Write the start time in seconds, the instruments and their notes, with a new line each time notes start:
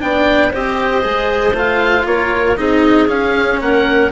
0.00 bassoon B3, cello D4, clarinet D5, oboe G5
0.51 bassoon C4, cello G4, clarinet C5, oboe D#5
1.01 bassoon G#3, cello G#4
1.53 bassoon A3, cello F4, oboe F5
2.05 bassoon A#3, clarinet A#4, oboe C#5
2.56 bassoon C4, cello D#4, clarinet G#4, oboe D#5
3.07 cello C#4, bassoon C#4, oboe F5
3.60 bassoon A#3, clarinet A#4, oboe F#5